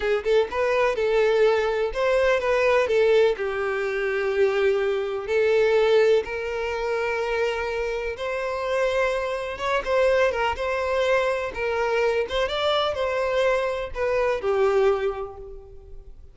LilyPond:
\new Staff \with { instrumentName = "violin" } { \time 4/4 \tempo 4 = 125 gis'8 a'8 b'4 a'2 | c''4 b'4 a'4 g'4~ | g'2. a'4~ | a'4 ais'2.~ |
ais'4 c''2. | cis''8 c''4 ais'8 c''2 | ais'4. c''8 d''4 c''4~ | c''4 b'4 g'2 | }